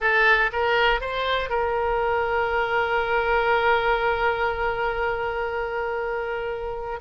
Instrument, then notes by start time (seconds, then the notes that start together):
oboe
0.00 A4
0.52 A#4
1.00 C5
1.49 A#4